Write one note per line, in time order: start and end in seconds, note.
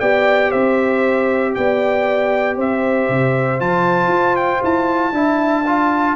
0.00 0.53 B3
0.00 3.60 G4
0.00 0.50 D5
0.00 0.51 G5
0.50 1.56 C4
0.50 1.52 C5
0.50 1.54 E5
1.55 2.57 B3
1.55 2.57 D5
1.55 2.57 G5
2.57 3.08 C4
2.57 5.13 C5
2.57 3.61 E5
3.09 3.60 C3
3.60 4.08 F3
3.60 5.14 F4
3.60 4.36 A5
4.08 4.59 F4
4.36 4.62 G5
4.64 5.12 E4
4.64 6.16 A5
5.12 6.15 D4
5.12 5.65 E4
5.12 5.64 E5
5.64 6.16 F4
5.64 6.15 F5